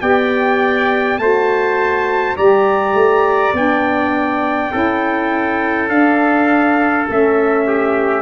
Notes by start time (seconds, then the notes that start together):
0.00 B3 G4 D5 G5
1.18 A3 F#4 C5 A5
2.36 G3 G4 D5 A#5
2.94 A3
3.53 B3 D4 G5
4.71 C#4 E4 A4
5.88 D4 F5
7.07 A3 C#4 E5
7.67 G4